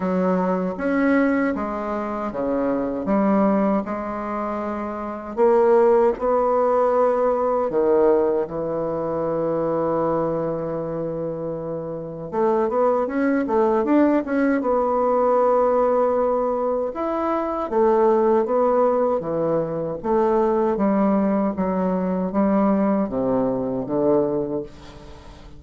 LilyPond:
\new Staff \with { instrumentName = "bassoon" } { \time 4/4 \tempo 4 = 78 fis4 cis'4 gis4 cis4 | g4 gis2 ais4 | b2 dis4 e4~ | e1 |
a8 b8 cis'8 a8 d'8 cis'8 b4~ | b2 e'4 a4 | b4 e4 a4 g4 | fis4 g4 c4 d4 | }